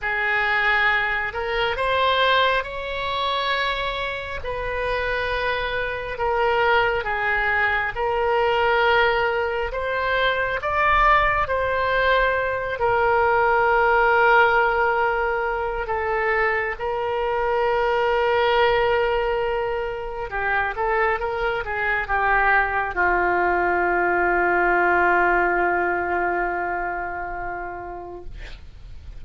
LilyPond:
\new Staff \with { instrumentName = "oboe" } { \time 4/4 \tempo 4 = 68 gis'4. ais'8 c''4 cis''4~ | cis''4 b'2 ais'4 | gis'4 ais'2 c''4 | d''4 c''4. ais'4.~ |
ais'2 a'4 ais'4~ | ais'2. g'8 a'8 | ais'8 gis'8 g'4 f'2~ | f'1 | }